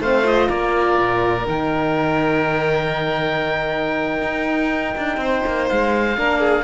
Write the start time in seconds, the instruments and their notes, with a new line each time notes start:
0.00 cello A3, horn C4, violin C5, oboe F5
0.23 horn F4, oboe D#5
0.48 cello A#3, violin A#4, oboe D5
0.99 cello A#2
1.46 cello D#3, horn D#4, oboe G5
4.22 cello D#4
4.98 cello D4
5.18 cello C4, violin C5
5.47 cello A#3
5.70 cello G#3, oboe F5
6.16 cello A#3, horn D4, violin A#4
6.40 violin G#4